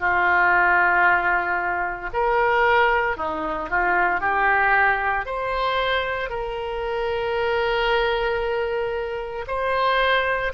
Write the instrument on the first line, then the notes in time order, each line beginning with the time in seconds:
oboe
0.00 F4
2.13 A#4
3.17 D#4
3.70 F4
4.21 G4
5.26 C5
6.30 A#4
9.47 C5